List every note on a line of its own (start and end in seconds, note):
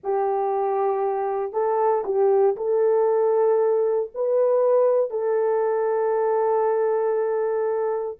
0.03 1.52 G4
1.52 2.04 A4
2.04 2.56 G4
2.56 4.10 A4
4.14 5.10 B4
5.10 8.18 A4